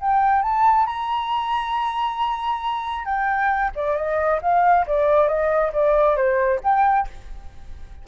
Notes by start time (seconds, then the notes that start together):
0.00 G5
0.42 A5
0.86 A#5
3.05 G5
3.75 D5
3.96 D#5
4.42 F5
4.86 D5
5.28 D#5
5.72 D5
6.16 C5
6.63 G5